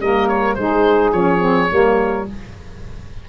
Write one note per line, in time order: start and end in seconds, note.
0.00 0.57 G3
0.00 0.57 A#3
0.00 0.57 A#4
0.00 0.28 D#5
0.28 0.54 C#5
0.54 1.12 G#3
0.54 1.14 D#4
0.54 1.71 G#4
0.54 1.11 C5
1.12 1.69 F3
1.12 1.40 C#4
1.12 2.25 C#5
1.40 1.68 C4
1.69 2.28 G3
1.69 2.25 A#3
1.69 2.28 A#4